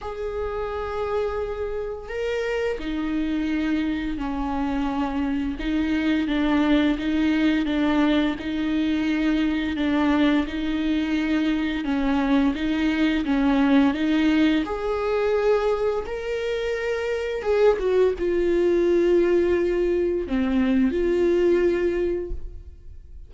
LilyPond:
\new Staff \with { instrumentName = "viola" } { \time 4/4 \tempo 4 = 86 gis'2. ais'4 | dis'2 cis'2 | dis'4 d'4 dis'4 d'4 | dis'2 d'4 dis'4~ |
dis'4 cis'4 dis'4 cis'4 | dis'4 gis'2 ais'4~ | ais'4 gis'8 fis'8 f'2~ | f'4 c'4 f'2 | }